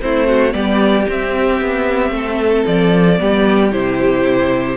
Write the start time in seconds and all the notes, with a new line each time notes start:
0.00 A3 C4 E4 C5
0.27 F#4
0.53 G3 B3 G4 D5
1.08 C4 E5
1.61 B3
2.11 A3 A4
2.66 F3 D5
3.18 G3 B3 G4
3.72 C3 E4 C5